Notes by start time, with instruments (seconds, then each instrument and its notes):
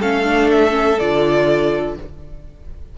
0.00 cello A3, viola C#4, violin A4 F5
0.24 viola D4
0.51 violin E5
0.71 viola C#4
0.99 cello D3, viola F4, violin D5